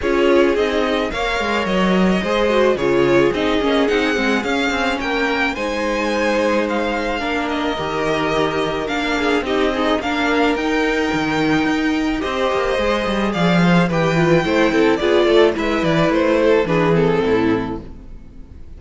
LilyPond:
<<
  \new Staff \with { instrumentName = "violin" } { \time 4/4 \tempo 4 = 108 cis''4 dis''4 f''4 dis''4~ | dis''4 cis''4 dis''4 fis''4 | f''4 g''4 gis''2 | f''4. dis''2~ dis''8 |
f''4 dis''4 f''4 g''4~ | g''2 dis''2 | f''4 g''2 d''4 | e''8 d''8 c''4 b'8 a'4. | }
  \new Staff \with { instrumentName = "violin" } { \time 4/4 gis'2 cis''2 | c''4 gis'2.~ | gis'4 ais'4 c''2~ | c''4 ais'2.~ |
ais'8 gis'8 g'8 dis'8 ais'2~ | ais'2 c''2 | d''8 c''8 b'4 c''8 a'8 gis'8 a'8 | b'4. a'8 gis'4 e'4 | }
  \new Staff \with { instrumentName = "viola" } { \time 4/4 f'4 dis'4 ais'2 | gis'8 fis'8 f'4 dis'8 cis'8 dis'8 c'8 | cis'2 dis'2~ | dis'4 d'4 g'2 |
d'4 dis'8 gis'8 d'4 dis'4~ | dis'2 g'4 gis'4~ | gis'4 g'8 f'8 e'4 f'4 | e'2 d'8 c'4. | }
  \new Staff \with { instrumentName = "cello" } { \time 4/4 cis'4 c'4 ais8 gis8 fis4 | gis4 cis4 c'8 ais8 c'8 gis8 | cis'8 c'8 ais4 gis2~ | gis4 ais4 dis2 |
ais4 c'4 ais4 dis'4 | dis4 dis'4 c'8 ais8 gis8 g8 | f4 e4 a8 c'8 b8 a8 | gis8 e8 a4 e4 a,4 | }
>>